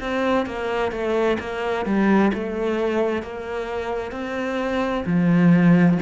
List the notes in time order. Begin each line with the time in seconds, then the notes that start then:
0.00 C4
0.46 A#3
0.91 A3
1.39 A#3
1.85 G3
2.33 A3
3.22 A#3
4.12 C4
5.06 F3